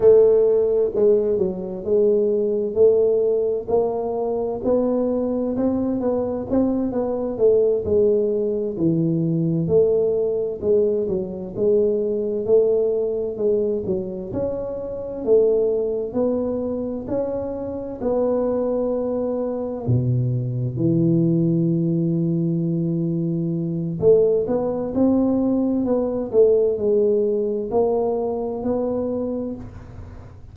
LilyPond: \new Staff \with { instrumentName = "tuba" } { \time 4/4 \tempo 4 = 65 a4 gis8 fis8 gis4 a4 | ais4 b4 c'8 b8 c'8 b8 | a8 gis4 e4 a4 gis8 | fis8 gis4 a4 gis8 fis8 cis'8~ |
cis'8 a4 b4 cis'4 b8~ | b4. b,4 e4.~ | e2 a8 b8 c'4 | b8 a8 gis4 ais4 b4 | }